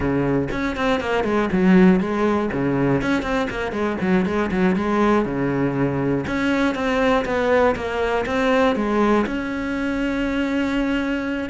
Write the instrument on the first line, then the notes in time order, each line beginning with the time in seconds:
cello
0.00 C#3
0.51 C#4
0.76 C4
1.00 A#3
1.24 G#3
1.52 F#3
2.00 G#3
2.52 C#3
3.01 C#4
3.22 C4
3.50 A#3
3.72 G#3
4.00 F#3
4.25 G#3
4.51 F#3
4.75 G#3
5.25 C#3
6.26 C#4
6.74 C4
7.25 B3
7.75 A#3
8.26 C4
8.75 G#3
9.26 C#4